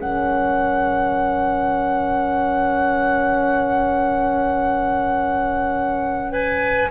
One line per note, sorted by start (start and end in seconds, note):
0.00 6.92 F#3
0.00 6.92 C#4
0.00 6.31 A#4
0.00 6.32 F#5
6.31 6.89 B4
6.31 6.90 G#5